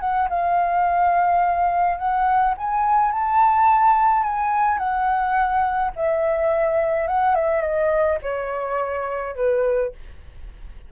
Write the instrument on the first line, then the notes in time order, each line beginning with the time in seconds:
flute
0.00 F#5
0.29 F5
1.98 F#5
2.57 G#5
3.12 A5
4.23 G#5
4.78 F#5
5.96 E5
7.07 F#5
7.35 E5
7.61 D#5
8.22 C#5
9.36 B4